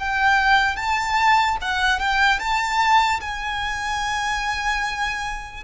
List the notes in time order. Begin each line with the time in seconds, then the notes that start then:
0.00 G5
0.76 A5
1.62 F#5
2.00 G5
2.40 A5
3.21 G#5